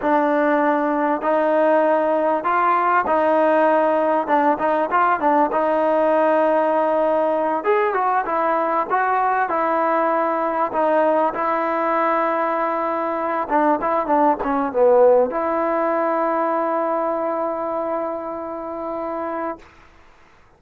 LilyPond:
\new Staff \with { instrumentName = "trombone" } { \time 4/4 \tempo 4 = 98 d'2 dis'2 | f'4 dis'2 d'8 dis'8 | f'8 d'8 dis'2.~ | dis'8 gis'8 fis'8 e'4 fis'4 e'8~ |
e'4. dis'4 e'4.~ | e'2 d'8 e'8 d'8 cis'8 | b4 e'2.~ | e'1 | }